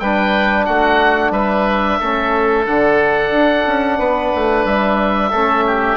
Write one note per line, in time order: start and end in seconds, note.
0.00 0.67 G3
0.00 2.02 D4
0.00 0.66 B4
0.00 0.65 G5
0.65 1.31 A3
0.65 1.32 F#4
0.65 1.32 F#5
1.31 1.98 G3
1.31 1.99 B4
1.31 2.66 E5
2.00 2.67 A3
2.00 2.66 C#4
2.00 3.99 A4
2.66 3.31 D3
2.66 5.32 D4
2.66 4.66 F#5
3.31 3.65 D4
3.67 3.99 C#4
3.99 4.32 B3
3.99 5.31 B4
4.35 4.65 A3
4.65 5.32 G3
4.65 5.97 E5
5.31 5.97 A3
5.31 5.97 C#4
5.31 5.64 A4
5.67 5.97 G4